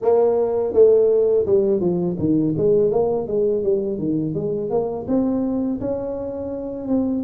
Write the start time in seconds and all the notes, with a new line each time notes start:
0.01 A#3
0.73 A3
1.46 G3
1.80 F3
2.18 D#3
2.57 G#3
2.90 A#3
3.27 G#3
3.63 G3
3.98 D#3
4.34 G#3
4.70 A#3
5.07 C4
5.80 C#4
6.88 C4